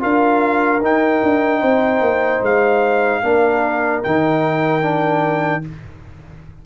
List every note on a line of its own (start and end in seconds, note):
0.00 0.81 D4
0.00 0.80 F4
0.00 1.60 A#4
0.00 0.83 F5
0.81 1.21 D#4
0.81 3.23 D#4
0.81 2.45 G5
1.23 1.63 D4
1.60 2.01 C4
1.60 3.20 C5
2.01 2.41 A#3
2.42 3.22 G#3
2.42 4.04 F5
3.23 4.03 A#3
3.23 4.03 D4
3.23 5.63 A#4
4.04 5.66 D#3
4.04 4.82 D#4
4.04 5.64 G5
4.82 5.62 D4